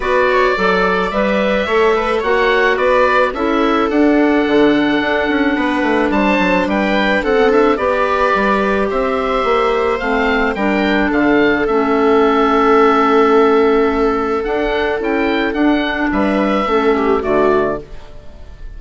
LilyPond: <<
  \new Staff \with { instrumentName = "oboe" } { \time 4/4 \tempo 4 = 108 d''2 e''2 | fis''4 d''4 e''4 fis''4~ | fis''2. a''4 | g''4 fis''8 e''8 d''2 |
e''2 f''4 g''4 | f''4 e''2.~ | e''2 fis''4 g''4 | fis''4 e''2 d''4 | }
  \new Staff \with { instrumentName = "viola" } { \time 4/4 b'8 cis''8 d''2 cis''8 b'8 | cis''4 b'4 a'2~ | a'2 b'4 c''4 | b'4 a'4 b'2 |
c''2. ais'4 | a'1~ | a'1~ | a'4 b'4 a'8 g'8 fis'4 | }
  \new Staff \with { instrumentName = "clarinet" } { \time 4/4 fis'4 a'4 b'4 a'4 | fis'2 e'4 d'4~ | d'1~ | d'4~ d'16 b16 d'8 g'2~ |
g'2 c'4 d'4~ | d'4 cis'2.~ | cis'2 d'4 e'4 | d'2 cis'4 a4 | }
  \new Staff \with { instrumentName = "bassoon" } { \time 4/4 b4 fis4 g4 a4 | ais4 b4 cis'4 d'4 | d4 d'8 cis'8 b8 a8 g8 fis8 | g4 c'4 b4 g4 |
c'4 ais4 a4 g4 | d4 a2.~ | a2 d'4 cis'4 | d'4 g4 a4 d4 | }
>>